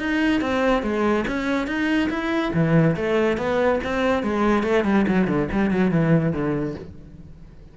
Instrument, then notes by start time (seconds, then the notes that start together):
cello
0.00 D#4
0.42 C4
0.83 G#3
1.28 C#4
1.68 D#4
2.10 E4
2.54 E3
2.97 A3
3.38 B3
3.84 C4
4.23 G#3
4.64 A3
4.85 G3
5.08 F#3
5.28 D3
5.52 G3
5.71 F#3
5.92 E3
6.33 D3